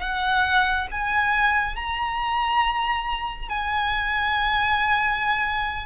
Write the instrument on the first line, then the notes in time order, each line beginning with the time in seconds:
violin
0.00 F#5
0.91 G#5
1.75 A#5
3.49 G#5